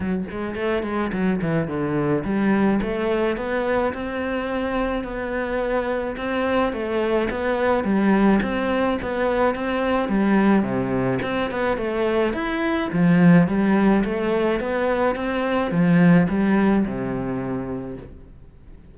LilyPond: \new Staff \with { instrumentName = "cello" } { \time 4/4 \tempo 4 = 107 fis8 gis8 a8 gis8 fis8 e8 d4 | g4 a4 b4 c'4~ | c'4 b2 c'4 | a4 b4 g4 c'4 |
b4 c'4 g4 c4 | c'8 b8 a4 e'4 f4 | g4 a4 b4 c'4 | f4 g4 c2 | }